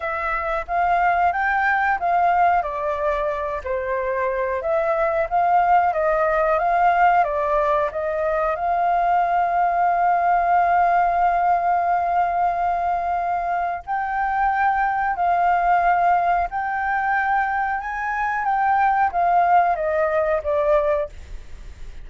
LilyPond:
\new Staff \with { instrumentName = "flute" } { \time 4/4 \tempo 4 = 91 e''4 f''4 g''4 f''4 | d''4. c''4. e''4 | f''4 dis''4 f''4 d''4 | dis''4 f''2.~ |
f''1~ | f''4 g''2 f''4~ | f''4 g''2 gis''4 | g''4 f''4 dis''4 d''4 | }